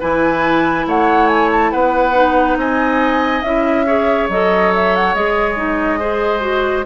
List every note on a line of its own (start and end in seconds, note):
0.00 0.86 E3
0.00 2.14 E4
0.00 0.86 B4
0.00 0.87 G#5
0.86 1.72 A3
0.86 1.71 C#5
0.86 1.28 F#5
1.28 1.49 G#5
1.52 1.71 A5
1.71 2.56 B3
1.71 2.57 B4
1.71 2.57 F#5
2.14 3.43 D#4
2.56 3.42 C4
2.56 3.86 D#5
2.56 3.42 G#5
3.42 4.28 C#4
3.42 3.86 E4
3.42 4.27 E5
3.86 4.29 G#4
3.86 5.99 C#5
4.29 5.14 F#3
4.29 5.15 A4
4.29 4.73 D#5
4.75 4.96 E5
4.96 5.14 F#5
5.14 6.86 G#3
5.14 5.56 G#4
5.14 6.86 D#5
5.56 5.99 D#4
5.99 6.40 G#4
5.99 6.85 C5
6.40 6.83 F#4